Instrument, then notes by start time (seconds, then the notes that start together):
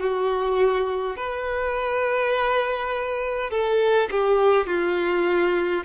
violin
0.00 F#4
1.16 B4
3.50 A4
4.11 G4
4.66 F4